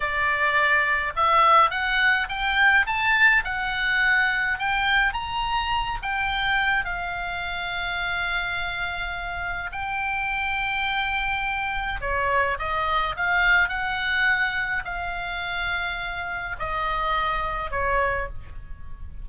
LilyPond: \new Staff \with { instrumentName = "oboe" } { \time 4/4 \tempo 4 = 105 d''2 e''4 fis''4 | g''4 a''4 fis''2 | g''4 ais''4. g''4. | f''1~ |
f''4 g''2.~ | g''4 cis''4 dis''4 f''4 | fis''2 f''2~ | f''4 dis''2 cis''4 | }